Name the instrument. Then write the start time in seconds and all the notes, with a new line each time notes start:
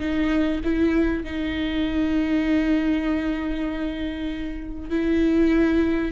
viola
0.00 D#4
0.64 E4
1.24 D#4
4.90 E4